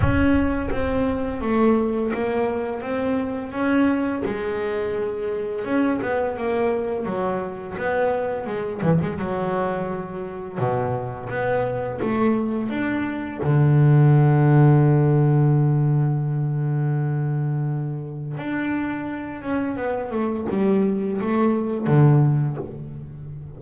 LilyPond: \new Staff \with { instrumentName = "double bass" } { \time 4/4 \tempo 4 = 85 cis'4 c'4 a4 ais4 | c'4 cis'4 gis2 | cis'8 b8 ais4 fis4 b4 | gis8 e16 gis16 fis2 b,4 |
b4 a4 d'4 d4~ | d1~ | d2 d'4. cis'8 | b8 a8 g4 a4 d4 | }